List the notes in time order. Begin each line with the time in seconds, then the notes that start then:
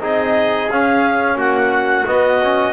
0.00 C4 D#4 G#4 D#5
0.69 C#4 F5
1.35 A#3 F#4 F#5
2.06 B3 D#5
2.43 C#4